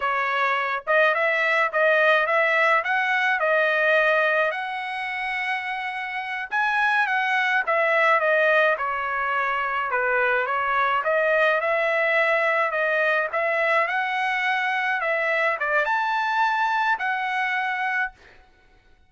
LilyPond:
\new Staff \with { instrumentName = "trumpet" } { \time 4/4 \tempo 4 = 106 cis''4. dis''8 e''4 dis''4 | e''4 fis''4 dis''2 | fis''2.~ fis''8 gis''8~ | gis''8 fis''4 e''4 dis''4 cis''8~ |
cis''4. b'4 cis''4 dis''8~ | dis''8 e''2 dis''4 e''8~ | e''8 fis''2 e''4 d''8 | a''2 fis''2 | }